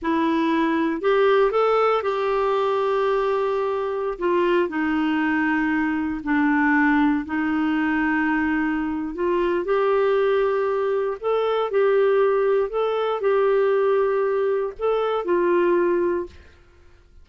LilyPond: \new Staff \with { instrumentName = "clarinet" } { \time 4/4 \tempo 4 = 118 e'2 g'4 a'4 | g'1~ | g'16 f'4 dis'2~ dis'8.~ | dis'16 d'2 dis'4.~ dis'16~ |
dis'2 f'4 g'4~ | g'2 a'4 g'4~ | g'4 a'4 g'2~ | g'4 a'4 f'2 | }